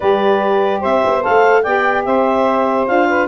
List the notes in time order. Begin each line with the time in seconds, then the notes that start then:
0.00 G3 G4 B4 D5
0.80 C4 C5 E5
1.05 B3
1.21 A4 F5
1.27 A3
1.62 B3 G4 D5 G5
2.04 C4 C5 E5
2.87 D4 F4 F5
3.08 B4